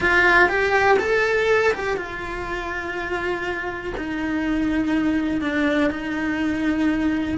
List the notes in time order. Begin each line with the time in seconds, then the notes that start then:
0.00 F4
0.49 G4
0.99 A4
1.73 G4
1.96 F4
3.97 D#4
5.41 D4
5.90 D#4